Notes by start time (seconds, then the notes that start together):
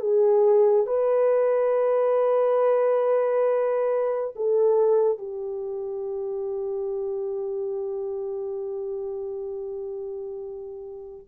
0.00 G#4
0.86 B4
4.36 A4
5.18 G4